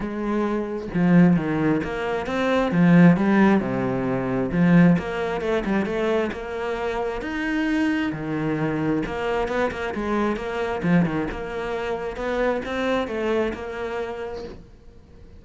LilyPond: \new Staff \with { instrumentName = "cello" } { \time 4/4 \tempo 4 = 133 gis2 f4 dis4 | ais4 c'4 f4 g4 | c2 f4 ais4 | a8 g8 a4 ais2 |
dis'2 dis2 | ais4 b8 ais8 gis4 ais4 | f8 dis8 ais2 b4 | c'4 a4 ais2 | }